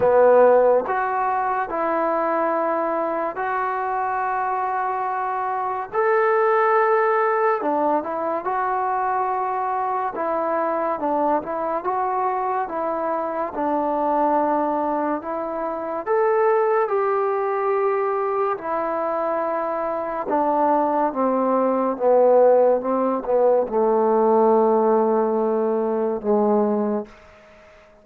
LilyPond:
\new Staff \with { instrumentName = "trombone" } { \time 4/4 \tempo 4 = 71 b4 fis'4 e'2 | fis'2. a'4~ | a'4 d'8 e'8 fis'2 | e'4 d'8 e'8 fis'4 e'4 |
d'2 e'4 a'4 | g'2 e'2 | d'4 c'4 b4 c'8 b8 | a2. gis4 | }